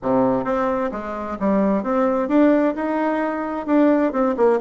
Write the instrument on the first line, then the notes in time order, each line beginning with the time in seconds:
bassoon
0.02 C3
0.44 C4
0.91 G#3
1.39 G3
1.83 C4
2.28 D4
2.75 D#4
3.66 D4
4.12 C4
4.36 A#3